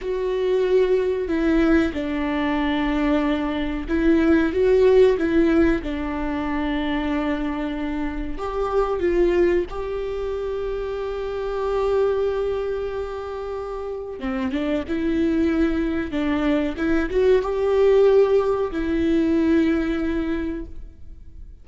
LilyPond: \new Staff \with { instrumentName = "viola" } { \time 4/4 \tempo 4 = 93 fis'2 e'4 d'4~ | d'2 e'4 fis'4 | e'4 d'2.~ | d'4 g'4 f'4 g'4~ |
g'1~ | g'2 c'8 d'8 e'4~ | e'4 d'4 e'8 fis'8 g'4~ | g'4 e'2. | }